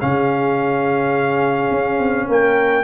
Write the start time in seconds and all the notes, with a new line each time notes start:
0.00 C#3 C#4 G#4 F5
1.71 C#4
1.98 C4
2.27 A#3 A#4 G5